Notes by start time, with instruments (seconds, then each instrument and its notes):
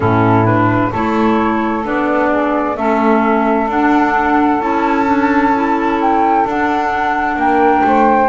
0.00 double bass A2, clarinet C#4, saxophone E4, flute A4
0.44 clarinet D4, flute B4
0.90 double bass A3, clarinet E4, saxophone A4, flute C#5
1.83 double bass B3, clarinet D4, flute D5
2.30 saxophone G#4
2.76 double bass A3, clarinet C#4, saxophone A4, flute E5
3.67 double bass D4, clarinet D4, flute F#5
4.59 double bass C#4, clarinet E4, flute A5
5.06 clarinet D4
5.54 clarinet E4
6.01 flute G5
6.44 double bass D4, clarinet D4, flute F#5
7.36 double bass A#3, saxophone A#4, flute G5
7.84 double bass A3, saxophone C5